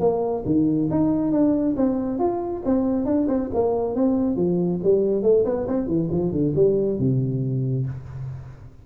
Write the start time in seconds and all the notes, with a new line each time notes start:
0.00 A#3
0.46 D#3
0.91 D#4
1.32 D4
1.77 C4
2.19 F4
2.66 C4
3.06 D4
3.28 C4
3.54 A#3
3.95 C4
4.37 F3
4.84 G3
5.23 A3
5.45 B3
5.68 C4
5.87 E3
6.11 F3
6.32 D3
6.56 G3
6.99 C3